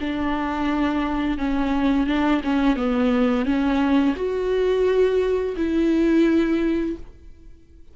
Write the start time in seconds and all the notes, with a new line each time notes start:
0.00 D4
1.38 C#4
2.06 D4
2.44 C#4
2.76 B3
3.45 C#4
4.15 F#4
5.56 E4